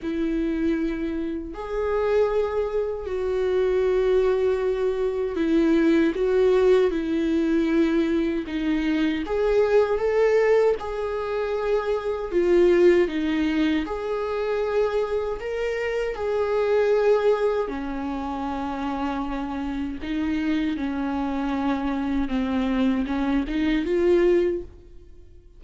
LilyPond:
\new Staff \with { instrumentName = "viola" } { \time 4/4 \tempo 4 = 78 e'2 gis'2 | fis'2. e'4 | fis'4 e'2 dis'4 | gis'4 a'4 gis'2 |
f'4 dis'4 gis'2 | ais'4 gis'2 cis'4~ | cis'2 dis'4 cis'4~ | cis'4 c'4 cis'8 dis'8 f'4 | }